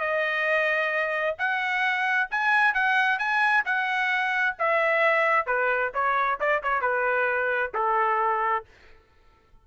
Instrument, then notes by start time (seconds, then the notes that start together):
trumpet
0.00 D#5
1.38 F#5
2.31 G#5
2.74 F#5
3.19 G#5
3.65 F#5
4.59 E5
5.47 B4
5.94 C#5
6.40 D5
6.63 C#5
6.81 B4
7.74 A4